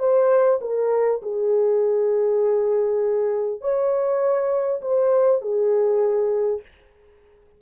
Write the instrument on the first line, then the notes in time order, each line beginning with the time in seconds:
horn
0.00 C5
0.62 A#4
1.23 G#4
3.62 C#5
4.82 C5
5.42 G#4